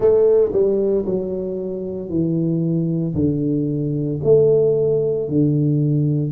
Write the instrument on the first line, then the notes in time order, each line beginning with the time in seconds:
tuba
0.00 A3
0.52 G3
1.05 F#3
2.09 E3
3.14 D3
4.23 A3
5.28 D3